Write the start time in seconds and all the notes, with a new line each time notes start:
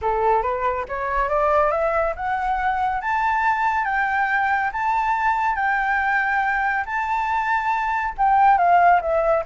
0.01 A4
0.42 B4
0.88 C#5
1.28 D5
1.71 E5
2.16 F#5
3.01 A5
3.85 G5
4.72 A5
5.55 G5
6.85 A5
8.17 G5
8.57 F5
9.01 E5